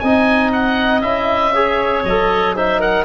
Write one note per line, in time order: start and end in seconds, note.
0.00 1.02 C4
0.00 1.02 D#4
0.00 1.54 D#5
0.00 0.51 G#5
0.53 1.01 F#5
1.01 2.04 C#4
1.01 1.53 E4
1.01 2.03 E5
1.54 2.06 G#4
1.54 2.55 C#5
2.04 3.05 F#3
2.04 2.56 A4
2.04 2.56 D#5
2.56 3.05 D#4
2.56 2.80 C5
2.56 2.81 E5
2.80 3.05 A#4
2.80 3.05 F#5